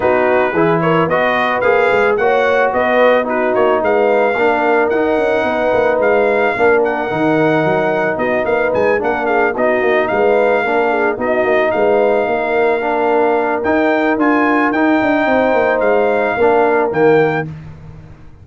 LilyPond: <<
  \new Staff \with { instrumentName = "trumpet" } { \time 4/4 \tempo 4 = 110 b'4. cis''8 dis''4 f''4 | fis''4 dis''4 b'8 cis''8 f''4~ | f''4 fis''2 f''4~ | f''8 fis''2~ fis''8 dis''8 f''8 |
gis''8 fis''8 f''8 dis''4 f''4.~ | f''8 dis''4 f''2~ f''8~ | f''4 g''4 gis''4 g''4~ | g''4 f''2 g''4 | }
  \new Staff \with { instrumentName = "horn" } { \time 4/4 fis'4 gis'8 ais'8 b'2 | cis''4 b'4 fis'4 b'4 | ais'2 b'2 | ais'2. fis'8 b'8~ |
b'8 ais'8 gis'8 fis'4 b'4 ais'8 | gis'8 fis'4 b'4 ais'4.~ | ais'1 | c''2 ais'2 | }
  \new Staff \with { instrumentName = "trombone" } { \time 4/4 dis'4 e'4 fis'4 gis'4 | fis'2 dis'2 | d'4 dis'2. | d'4 dis'2.~ |
dis'8 d'4 dis'2 d'8~ | d'8 dis'2. d'8~ | d'4 dis'4 f'4 dis'4~ | dis'2 d'4 ais4 | }
  \new Staff \with { instrumentName = "tuba" } { \time 4/4 b4 e4 b4 ais8 gis8 | ais4 b4. ais8 gis4 | ais4 dis'8 cis'8 b8 ais8 gis4 | ais4 dis4 fis4 b8 ais8 |
gis8 ais4 b8 ais8 gis4 ais8~ | ais8 b8 ais8 gis4 ais4.~ | ais4 dis'4 d'4 dis'8 d'8 | c'8 ais8 gis4 ais4 dis4 | }
>>